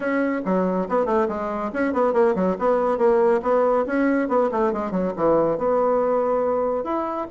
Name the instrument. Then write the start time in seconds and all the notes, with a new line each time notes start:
bassoon
0.00 C#4
0.45 F#3
0.88 B3
1.05 A3
1.28 G#3
1.73 C#4
1.93 B3
2.13 A#3
2.35 F#3
2.58 B3
2.97 A#3
3.42 B3
3.86 C#4
4.28 B3
4.51 A3
4.72 G#3
4.91 F#3
5.16 E3
5.58 B3
6.84 E4